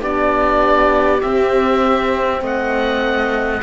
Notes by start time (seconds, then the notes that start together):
0.00 B3 D4 G4 D5
1.22 C4 E5
2.41 A3 D#5 F#5